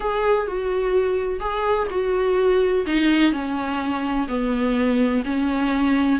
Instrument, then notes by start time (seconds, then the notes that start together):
viola
0.00 G#4
0.47 F#4
1.40 G#4
1.90 F#4
2.86 D#4
3.32 C#4
4.28 B3
5.24 C#4